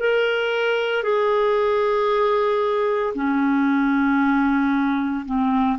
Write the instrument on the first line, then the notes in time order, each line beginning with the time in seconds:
clarinet
0.00 A#4
1.03 G#4
3.15 C#4
5.26 C4